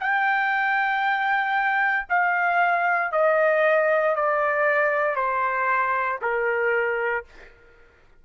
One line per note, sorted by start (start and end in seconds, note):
0.00 2.07 G5
2.09 3.12 F5
3.12 4.16 D#5
4.16 5.16 D5
5.16 6.19 C5
6.22 7.25 A#4